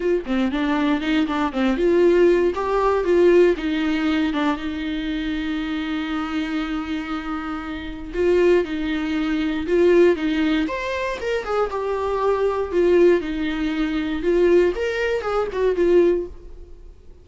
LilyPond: \new Staff \with { instrumentName = "viola" } { \time 4/4 \tempo 4 = 118 f'8 c'8 d'4 dis'8 d'8 c'8 f'8~ | f'4 g'4 f'4 dis'4~ | dis'8 d'8 dis'2.~ | dis'1 |
f'4 dis'2 f'4 | dis'4 c''4 ais'8 gis'8 g'4~ | g'4 f'4 dis'2 | f'4 ais'4 gis'8 fis'8 f'4 | }